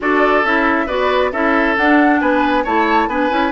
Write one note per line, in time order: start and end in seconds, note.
0.00 0.43 D4
0.00 0.44 F#4
0.00 0.86 A4
0.00 0.44 D5
0.43 0.87 C#4
0.43 0.88 E4
0.43 0.87 E5
0.86 1.32 B3
0.86 1.32 F#4
0.86 1.30 B4
0.86 1.32 D5
1.32 1.76 C#4
1.32 1.77 E4
1.32 2.20 A4
1.32 1.76 E5
1.76 2.21 D4
1.76 2.65 D4
1.76 2.20 F#5
2.20 2.65 B3
2.20 2.64 B4
2.20 2.64 G#5
2.64 3.07 A3
2.64 3.09 E4
2.64 3.08 C#5
2.64 3.09 A5
3.07 3.29 B3
3.07 3.29 D4
3.07 3.51 B4
3.07 3.51 G#5
3.29 3.51 C#4
3.29 3.51 E4